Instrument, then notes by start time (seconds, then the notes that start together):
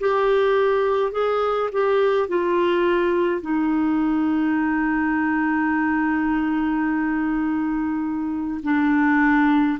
clarinet
0.00 G4
1.12 G#4
1.72 G4
2.28 F4
3.41 D#4
8.63 D4